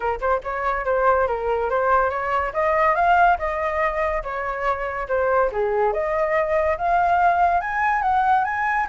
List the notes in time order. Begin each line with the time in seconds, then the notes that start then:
0.00 A#4
0.20 C5
0.43 C#5
0.85 C5
1.27 A#4
1.70 C5
2.10 C#5
2.53 D#5
2.95 F5
3.38 D#5
4.23 C#5
5.08 C5
5.51 G#4
5.92 D#5
6.77 F5
7.60 G#5
8.02 F#5
8.44 G#5